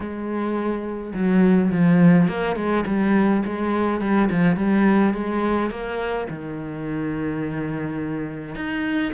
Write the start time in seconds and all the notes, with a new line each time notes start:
0.00 G#3
1.14 F#3
1.71 F3
2.28 A#3
2.56 G#3
2.86 G3
3.45 G#3
4.00 G3
4.30 F3
4.56 G3
5.13 G#3
5.70 A#3
6.29 D#3
8.55 D#4